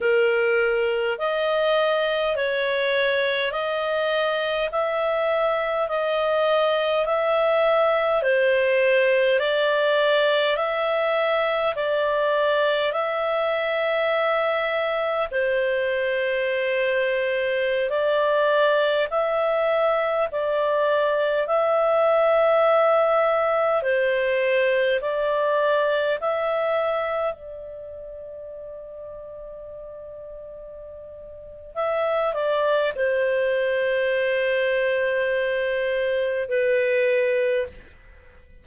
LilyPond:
\new Staff \with { instrumentName = "clarinet" } { \time 4/4 \tempo 4 = 51 ais'4 dis''4 cis''4 dis''4 | e''4 dis''4 e''4 c''4 | d''4 e''4 d''4 e''4~ | e''4 c''2~ c''16 d''8.~ |
d''16 e''4 d''4 e''4.~ e''16~ | e''16 c''4 d''4 e''4 d''8.~ | d''2. e''8 d''8 | c''2. b'4 | }